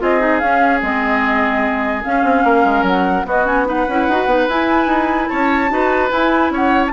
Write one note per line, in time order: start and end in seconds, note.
0.00 0.42 C4
0.00 0.20 F4
0.00 2.45 G#4
0.00 0.39 D#5
0.20 0.41 D#4
0.39 0.82 C#4
0.39 0.80 F5
0.82 2.05 G#3
0.82 2.03 C4
0.82 2.04 D#5
2.03 3.26 C#4
2.03 2.24 C#4
2.03 2.86 F5
2.24 2.44 C4
2.44 2.65 A#3
2.44 3.27 A#4
2.65 2.83 G#3
2.83 3.24 F#3
2.83 3.27 F#5
3.26 3.46 B3
3.26 3.87 B3
3.26 3.68 F#4
3.26 3.47 D#5
3.46 3.66 C#4
3.46 3.67 G#5
3.66 3.86 D#4
3.66 5.30 B4
3.66 4.49 F#5
3.89 4.09 C#4
3.89 4.11 E4
4.09 4.27 D#4
4.09 4.29 F#4
4.27 4.47 B3
4.27 4.49 D#4
4.49 4.87 E4
4.49 5.70 E4
4.49 5.29 G#5
4.87 5.28 D#4
5.29 5.71 C#4
5.29 5.71 C#5
5.29 6.11 A5
5.70 6.12 D#4
5.70 6.10 F#4
5.70 6.53 B4
6.10 6.92 E4
6.10 6.51 E4
6.10 6.53 G#5
6.51 6.92 C#4
6.51 6.93 C#5
6.51 6.86 F#5
6.87 6.93 A5